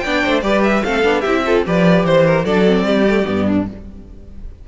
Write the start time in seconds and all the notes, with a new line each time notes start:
0.00 B3 D5 G5
0.06 D4
0.24 A3 C5
0.42 G3 G4 B4 D5
0.64 E5
0.84 A3 C4 A4 F5
1.03 B3 D4
1.21 C4 E4 G4 E5
1.46 F4 A4
1.66 F3 G4 B4 D5
2.04 E3 C5
2.26 A#4
2.45 F#3 D4 A4 D5
2.66 C4
2.84 G3 G4
3.08 A3
3.25 G2 B3
3.47 D4